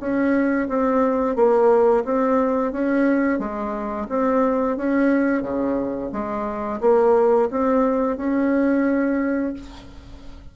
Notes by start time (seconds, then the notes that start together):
0.00 C#4
0.68 C4
1.36 A#3
2.05 C4
2.72 C#4
3.39 G#3
4.09 C4
4.77 C#4
5.42 C#3
6.12 G#3
6.81 A#3
7.51 C4
8.17 C#4